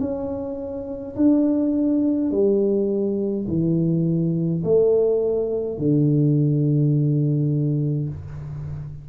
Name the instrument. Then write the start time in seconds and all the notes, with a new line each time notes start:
tuba
0.00 C#4
1.15 D4
2.31 G3
3.48 E3
4.64 A3
5.78 D3